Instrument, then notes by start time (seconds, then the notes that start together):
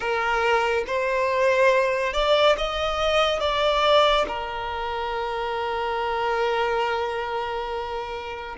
violin
0.00 A#4
0.86 C5
2.13 D5
2.57 D#5
3.39 D5
4.27 A#4